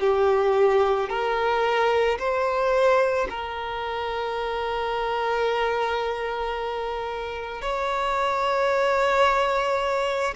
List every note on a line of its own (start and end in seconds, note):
0.00 1.09 G4
1.09 2.18 A#4
2.18 3.27 C5
3.29 7.61 A#4
7.61 10.34 C#5